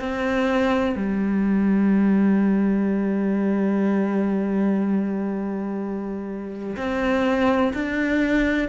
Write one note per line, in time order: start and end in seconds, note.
0.00 0.96 C4
0.96 6.77 G3
6.77 7.74 C4
7.74 8.69 D4